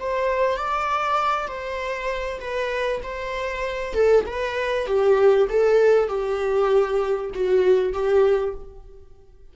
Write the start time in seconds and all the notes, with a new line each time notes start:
0.00 C5
0.57 D5
1.48 C5
2.40 B4
3.04 C5
3.94 A4
4.26 B4
4.87 G4
5.50 A4
6.08 G4
7.34 F#4
7.93 G4